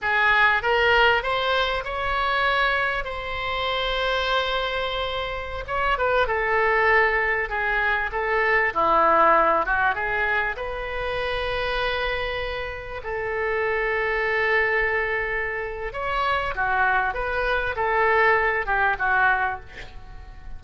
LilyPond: \new Staff \with { instrumentName = "oboe" } { \time 4/4 \tempo 4 = 98 gis'4 ais'4 c''4 cis''4~ | cis''4 c''2.~ | c''4~ c''16 cis''8 b'8 a'4.~ a'16~ | a'16 gis'4 a'4 e'4. fis'16~ |
fis'16 gis'4 b'2~ b'8.~ | b'4~ b'16 a'2~ a'8.~ | a'2 cis''4 fis'4 | b'4 a'4. g'8 fis'4 | }